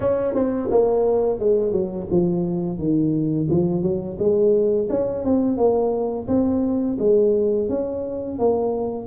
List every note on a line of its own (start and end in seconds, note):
0.00 0.34 C#4
0.34 0.69 C4
0.70 1.39 A#3
1.39 1.72 G#3
1.72 2.06 F#3
2.10 2.78 F3
2.78 3.48 D#3
3.49 3.82 F3
3.82 4.17 F#3
4.18 4.88 G#3
4.89 5.24 C#4
5.24 5.57 C4
5.57 6.27 A#3
6.27 6.97 C4
6.99 7.68 G#3
7.68 8.38 C#4
8.38 9.06 A#3